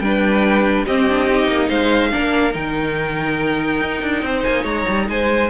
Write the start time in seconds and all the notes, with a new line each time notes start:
0.00 G3 D4 B4 G5
0.85 C4 G4 D#5
1.09 D4
1.28 D#4
1.47 A#3
1.68 G#3 C5 F5
2.11 A#3 D4 A#4
2.52 D#3 D#4 G5
3.81 D#4
4.02 D4
4.22 C4 C5
4.43 A#3 G#5
4.62 G#3 C#5 A#5
4.88 G3
5.08 G#3 C5 G#5